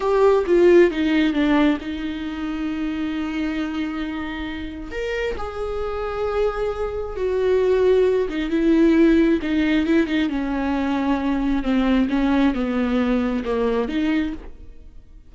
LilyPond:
\new Staff \with { instrumentName = "viola" } { \time 4/4 \tempo 4 = 134 g'4 f'4 dis'4 d'4 | dis'1~ | dis'2. ais'4 | gis'1 |
fis'2~ fis'8 dis'8 e'4~ | e'4 dis'4 e'8 dis'8 cis'4~ | cis'2 c'4 cis'4 | b2 ais4 dis'4 | }